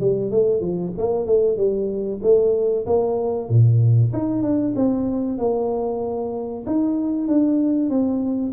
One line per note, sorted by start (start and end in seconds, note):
0.00 0.31 G3
0.31 0.60 A3
0.60 0.92 F3
0.97 1.26 A#3
1.26 1.57 A3
1.57 2.20 G3
2.22 2.85 A3
2.86 3.49 A#3
3.49 4.12 A#2
4.13 4.42 D#4
4.42 4.74 D4
4.76 5.38 C4
5.38 6.64 A#3
6.66 7.27 D#4
7.27 7.89 D4
7.89 8.53 C4